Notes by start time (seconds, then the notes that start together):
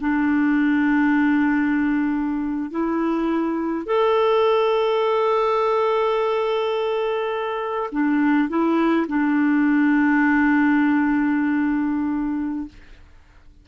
0.00 D4
2.71 E4
3.86 A4
7.92 D4
8.49 E4
9.08 D4